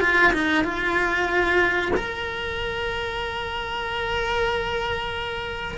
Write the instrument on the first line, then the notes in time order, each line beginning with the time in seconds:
cello
0.00 F4
0.32 D#4
0.64 F4
1.96 A#4